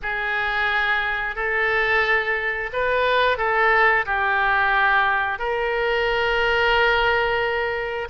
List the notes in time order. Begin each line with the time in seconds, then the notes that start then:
0.02 G#4
1.35 A4
2.72 B4
3.37 A4
4.05 G4
5.38 A#4